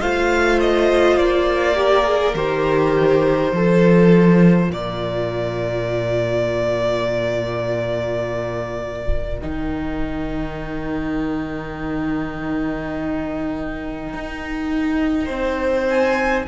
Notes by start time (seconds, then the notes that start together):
0.00 A3 F4 C5 F5
0.60 D#5
1.17 A#3 D5
1.75 G4 A#4
2.04 G#4
2.34 D#3 G4 C5
3.52 F3 F4 A4
4.68 A#2 A#4 D5
9.41 D#3 D#4 G5
14.13 D#4
15.25 C4 C5
15.89 G#5